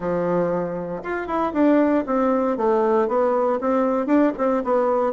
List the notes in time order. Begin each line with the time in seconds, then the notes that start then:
0.00 F3
1.03 F4
1.27 E4
1.53 D4
2.06 C4
2.57 A3
3.08 B3
3.60 C4
4.06 D4
4.37 C4
4.64 B3